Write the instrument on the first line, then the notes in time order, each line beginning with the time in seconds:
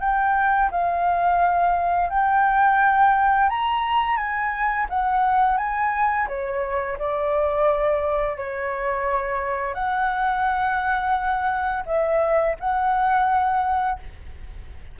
flute
0.00 G5
0.71 F5
2.10 G5
3.49 A#5
4.17 G#5
4.89 F#5
5.58 G#5
6.28 C#5
6.99 D5
8.37 C#5
9.74 F#5
11.86 E5
12.60 F#5